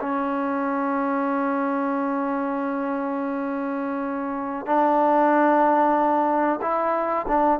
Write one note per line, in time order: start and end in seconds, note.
0.00 4.66 C#4
4.66 6.60 D4
6.62 7.26 E4
7.28 7.60 D4